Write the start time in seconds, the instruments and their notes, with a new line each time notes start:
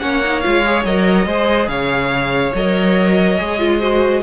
0.00 cello A#3, viola C#4, violin C#5 F#5
0.24 viola D#4
0.41 cello G#3, viola F4, violin F5
0.66 viola G#4
0.85 cello F#3, viola A#4, violin D#5
1.26 cello G#3, viola G#4, violin C5
1.68 cello C#3, violin C#5 F5
2.54 cello F#3, viola A#4, violin D#5
3.38 cello G#3, viola G#4
3.59 viola F4
3.79 viola F#4, violin C5